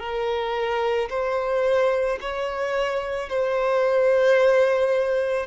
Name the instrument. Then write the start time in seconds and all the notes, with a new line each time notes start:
violin
0.00 A#4
1.10 C5
2.21 C#5
3.30 C5